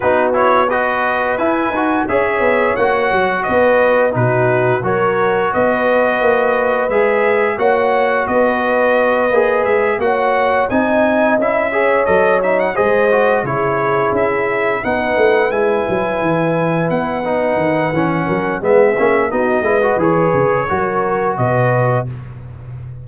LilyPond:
<<
  \new Staff \with { instrumentName = "trumpet" } { \time 4/4 \tempo 4 = 87 b'8 cis''8 dis''4 gis''4 e''4 | fis''4 dis''4 b'4 cis''4 | dis''2 e''4 fis''4 | dis''2 e''8 fis''4 gis''8~ |
gis''8 e''4 dis''8 e''16 fis''16 dis''4 cis''8~ | cis''8 e''4 fis''4 gis''4.~ | gis''8 fis''2~ fis''8 e''4 | dis''4 cis''2 dis''4 | }
  \new Staff \with { instrumentName = "horn" } { \time 4/4 fis'4 b'2 cis''4~ | cis''4 b'4 fis'4 ais'4 | b'2. cis''4 | b'2~ b'8 cis''4 dis''8~ |
dis''4 cis''4. c''4 gis'8~ | gis'4. b'2~ b'8~ | b'2~ b'8 ais'8 gis'4 | fis'8 b'4. ais'4 b'4 | }
  \new Staff \with { instrumentName = "trombone" } { \time 4/4 dis'8 e'8 fis'4 e'8 fis'8 gis'4 | fis'2 dis'4 fis'4~ | fis'2 gis'4 fis'4~ | fis'4. gis'4 fis'4 dis'8~ |
dis'8 e'8 gis'8 a'8 dis'8 gis'8 fis'8 e'8~ | e'4. dis'4 e'4.~ | e'4 dis'4 cis'4 b8 cis'8 | dis'8 e'16 fis'16 gis'4 fis'2 | }
  \new Staff \with { instrumentName = "tuba" } { \time 4/4 b2 e'8 dis'8 cis'8 b8 | ais8 fis8 b4 b,4 fis4 | b4 ais4 gis4 ais4 | b4. ais8 gis8 ais4 c'8~ |
c'8 cis'4 fis4 gis4 cis8~ | cis8 cis'4 b8 a8 gis8 fis8 e8~ | e8 b4 dis8 e8 fis8 gis8 ais8 | b8 gis8 e8 cis8 fis4 b,4 | }
>>